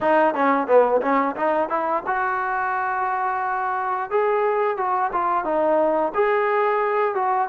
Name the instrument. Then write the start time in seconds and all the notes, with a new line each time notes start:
trombone
0.00 D#4
0.34 C#4
0.67 B3
1.01 C#4
1.36 D#4
1.69 E4
2.06 F#4
4.10 G#4
4.77 F#4
5.12 F4
5.44 D#4
6.14 G#4
7.14 F#4